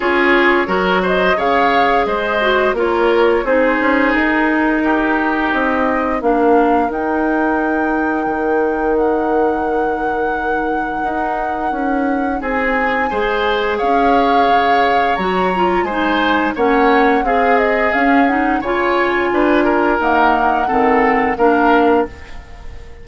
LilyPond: <<
  \new Staff \with { instrumentName = "flute" } { \time 4/4 \tempo 4 = 87 cis''4. dis''8 f''4 dis''4 | cis''4 c''4 ais'2 | dis''4 f''4 g''2~ | g''4 fis''2.~ |
fis''2 gis''2 | f''2 ais''4 gis''4 | fis''4 f''8 dis''8 f''8 fis''8 gis''4~ | gis''4 fis''2 f''4 | }
  \new Staff \with { instrumentName = "oboe" } { \time 4/4 gis'4 ais'8 c''8 cis''4 c''4 | ais'4 gis'2 g'4~ | g'4 ais'2.~ | ais'1~ |
ais'2 gis'4 c''4 | cis''2. c''4 | cis''4 gis'2 cis''4 | b'8 ais'4. a'4 ais'4 | }
  \new Staff \with { instrumentName = "clarinet" } { \time 4/4 f'4 fis'4 gis'4. fis'8 | f'4 dis'2.~ | dis'4 d'4 dis'2~ | dis'1~ |
dis'2. gis'4~ | gis'2 fis'8 f'8 dis'4 | cis'4 gis'4 cis'8 dis'8 f'4~ | f'4 ais4 c'4 d'4 | }
  \new Staff \with { instrumentName = "bassoon" } { \time 4/4 cis'4 fis4 cis4 gis4 | ais4 c'8 cis'8 dis'2 | c'4 ais4 dis'2 | dis1 |
dis'4 cis'4 c'4 gis4 | cis'4 cis4 fis4 gis4 | ais4 c'4 cis'4 cis4 | d'4 dis'4 dis4 ais4 | }
>>